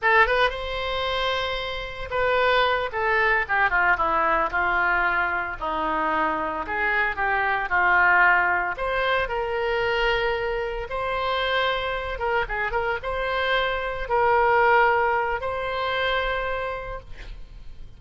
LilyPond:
\new Staff \with { instrumentName = "oboe" } { \time 4/4 \tempo 4 = 113 a'8 b'8 c''2. | b'4. a'4 g'8 f'8 e'8~ | e'8 f'2 dis'4.~ | dis'8 gis'4 g'4 f'4.~ |
f'8 c''4 ais'2~ ais'8~ | ais'8 c''2~ c''8 ais'8 gis'8 | ais'8 c''2 ais'4.~ | ais'4 c''2. | }